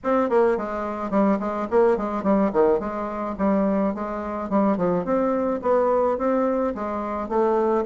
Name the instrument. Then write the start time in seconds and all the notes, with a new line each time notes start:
bassoon
0.03 C4
0.29 A#3
0.57 G#3
1.10 G3
1.39 G#3
1.70 A#3
1.97 G#3
2.23 G3
2.52 D#3
2.79 G#3
3.38 G3
3.94 G#3
4.49 G3
4.77 F3
5.04 C4
5.62 B3
6.18 C4
6.74 G#3
7.28 A3